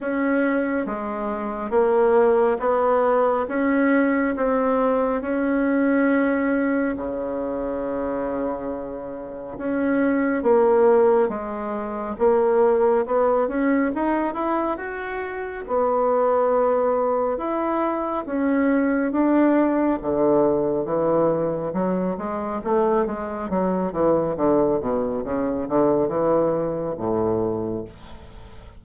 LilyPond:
\new Staff \with { instrumentName = "bassoon" } { \time 4/4 \tempo 4 = 69 cis'4 gis4 ais4 b4 | cis'4 c'4 cis'2 | cis2. cis'4 | ais4 gis4 ais4 b8 cis'8 |
dis'8 e'8 fis'4 b2 | e'4 cis'4 d'4 d4 | e4 fis8 gis8 a8 gis8 fis8 e8 | d8 b,8 cis8 d8 e4 a,4 | }